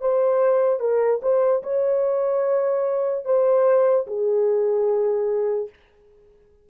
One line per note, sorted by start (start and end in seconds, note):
0.00 0.80 C5
0.80 1.20 A#4
1.22 1.62 C5
1.63 3.25 C#5
3.25 4.06 C5
4.07 5.69 G#4